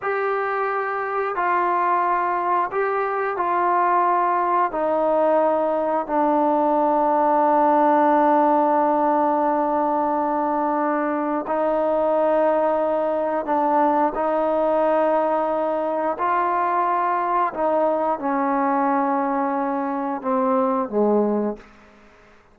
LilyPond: \new Staff \with { instrumentName = "trombone" } { \time 4/4 \tempo 4 = 89 g'2 f'2 | g'4 f'2 dis'4~ | dis'4 d'2.~ | d'1~ |
d'4 dis'2. | d'4 dis'2. | f'2 dis'4 cis'4~ | cis'2 c'4 gis4 | }